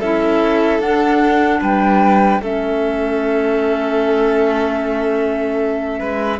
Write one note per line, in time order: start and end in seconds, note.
0.00 0.80 C#4
0.00 0.81 E4
0.00 1.60 A4
0.00 0.80 E5
0.80 1.60 D4
0.80 2.41 D4
0.80 1.61 F#5
1.61 2.40 G3
1.61 2.41 B4
1.61 2.42 G5
2.40 6.00 A3
2.40 6.40 C#4
2.40 6.00 A4
2.40 6.40 E5
6.00 6.40 G#3
6.00 6.40 B4